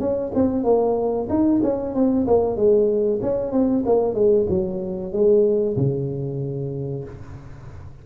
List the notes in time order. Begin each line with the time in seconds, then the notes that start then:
0.00 C#4
0.35 C4
0.64 A#3
1.29 D#4
1.63 C#4
1.95 C4
2.27 A#3
2.56 G#3
3.22 C#4
3.52 C4
3.86 A#3
4.15 G#3
4.49 F#3
5.13 G#3
5.77 C#3